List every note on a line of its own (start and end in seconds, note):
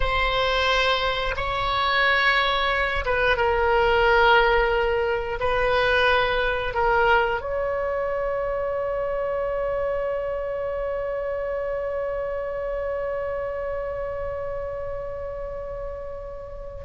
0.00 1.35 C5
1.36 3.05 C#5
3.05 3.36 B4
3.36 5.39 A#4
5.40 6.74 B4
6.74 7.40 A#4
7.40 16.84 C#5